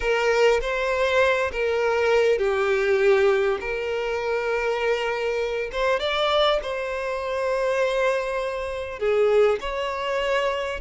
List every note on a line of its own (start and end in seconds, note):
0.00 0.60 A#4
0.61 1.51 C5
1.52 2.38 A#4
2.38 3.58 G4
3.60 5.70 A#4
5.72 5.99 C5
5.99 6.59 D5
6.62 8.99 C5
8.99 9.59 G#4
9.60 10.80 C#5